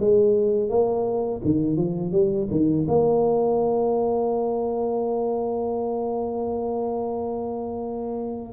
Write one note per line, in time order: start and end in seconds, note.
0.00 0.70 G#3
0.70 1.41 A#3
1.44 1.77 D#3
1.77 2.12 F3
2.12 2.48 G3
2.51 2.86 D#3
2.88 8.54 A#3